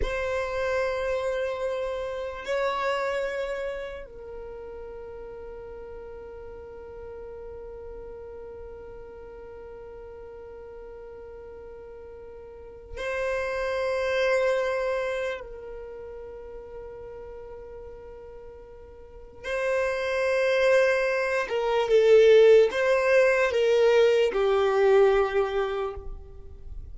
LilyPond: \new Staff \with { instrumentName = "violin" } { \time 4/4 \tempo 4 = 74 c''2. cis''4~ | cis''4 ais'2.~ | ais'1~ | ais'1 |
c''2. ais'4~ | ais'1 | c''2~ c''8 ais'8 a'4 | c''4 ais'4 g'2 | }